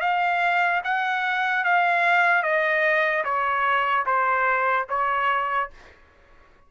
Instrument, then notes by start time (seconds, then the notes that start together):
trumpet
0.00 F5
0.84 F#5
1.64 F5
2.43 D#5
3.24 C#5
4.05 C5
4.89 C#5